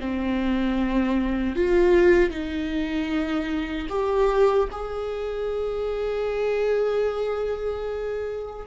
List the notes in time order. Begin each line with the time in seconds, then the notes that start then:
0.00 C4
1.55 F4
2.30 D#4
3.89 G4
4.71 G#4